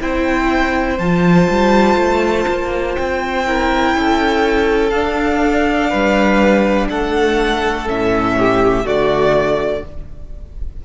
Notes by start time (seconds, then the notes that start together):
0.00 C4 E4 C5 G5
0.99 F3 F4 A5
1.49 G3
1.96 A3
2.48 A#3
2.95 C4 G5
3.46 E4 A#4
3.95 C#4 A4
4.90 D4 F5
5.90 G3 B4
6.89 A3 A4 F#5
7.86 A2 C#4 E5
8.38 G4
8.84 D3 A3 F#4 D5